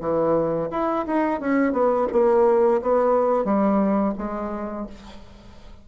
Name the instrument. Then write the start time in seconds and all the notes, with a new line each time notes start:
bassoon
0.00 E3
0.71 E4
1.06 D#4
1.40 C#4
1.72 B3
2.12 A#3
2.82 B3
3.45 G3
4.18 G#3